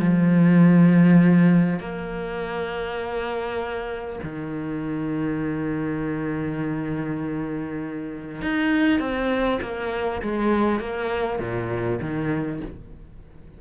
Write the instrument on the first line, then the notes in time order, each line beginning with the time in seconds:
cello
0.00 F3
1.80 A#3
4.24 D#3
8.42 D#4
9.00 C4
9.62 A#3
10.22 G#3
10.80 A#3
11.40 A#2
12.01 D#3